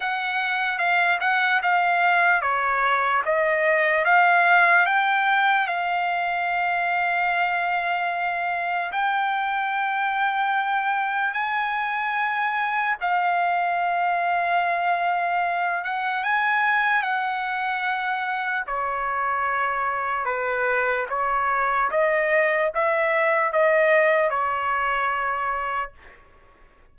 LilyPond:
\new Staff \with { instrumentName = "trumpet" } { \time 4/4 \tempo 4 = 74 fis''4 f''8 fis''8 f''4 cis''4 | dis''4 f''4 g''4 f''4~ | f''2. g''4~ | g''2 gis''2 |
f''2.~ f''8 fis''8 | gis''4 fis''2 cis''4~ | cis''4 b'4 cis''4 dis''4 | e''4 dis''4 cis''2 | }